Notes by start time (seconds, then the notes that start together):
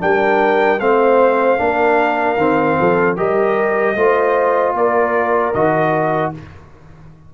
0.00 G3 D4 A#4 G5
0.80 A3 C4 C5 F5
1.58 A#3 D4 A#4
2.37 D#3 C4
2.80 F3 A4
3.17 G3 G4 A#4 D#5
3.95 A3 F4 C5
4.74 A#3 A#4 D5
5.54 D#3 F#4 D#5